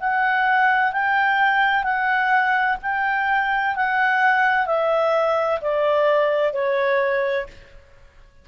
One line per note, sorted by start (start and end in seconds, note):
0.00 0.92 F#5
0.92 1.84 G5
1.84 2.77 F#5
2.83 3.76 G5
3.76 4.67 F#5
4.67 5.60 E5
5.61 6.53 D5
6.53 7.47 C#5